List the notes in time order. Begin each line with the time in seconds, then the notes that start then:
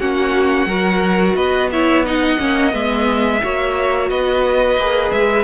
0.00 A#3 C#4 F#4 F#5
0.66 F#3 F#4 A#4
1.36 B3 B4 D#5
1.72 E4 C#5 E5
2.06 D#4 D#5 F#5
2.39 A#3 C#4
2.71 G#3 B3 E5
3.43 A#3 F#4 C#5
4.10 B3 B4 D#5
4.78 A#3 G#4
5.12 G#3 E5